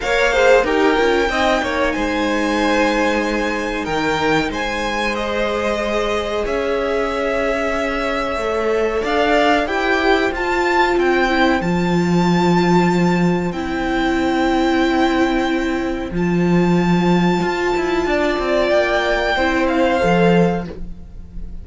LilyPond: <<
  \new Staff \with { instrumentName = "violin" } { \time 4/4 \tempo 4 = 93 f''4 g''2 gis''4~ | gis''2 g''4 gis''4 | dis''2 e''2~ | e''2 f''4 g''4 |
a''4 g''4 a''2~ | a''4 g''2.~ | g''4 a''2.~ | a''4 g''4. f''4. | }
  \new Staff \with { instrumentName = "violin" } { \time 4/4 cis''8 c''8 ais'4 dis''8 cis''8 c''4~ | c''2 ais'4 c''4~ | c''2 cis''2~ | cis''2 d''4 c''4~ |
c''1~ | c''1~ | c''1 | d''2 c''2 | }
  \new Staff \with { instrumentName = "viola" } { \time 4/4 ais'8 gis'8 g'8 f'8 dis'2~ | dis'1 | gis'1~ | gis'4 a'2 g'4 |
f'4. e'8 f'2~ | f'4 e'2.~ | e'4 f'2.~ | f'2 e'4 a'4 | }
  \new Staff \with { instrumentName = "cello" } { \time 4/4 ais4 dis'8 cis'8 c'8 ais8 gis4~ | gis2 dis4 gis4~ | gis2 cis'2~ | cis'4 a4 d'4 e'4 |
f'4 c'4 f2~ | f4 c'2.~ | c'4 f2 f'8 e'8 | d'8 c'8 ais4 c'4 f4 | }
>>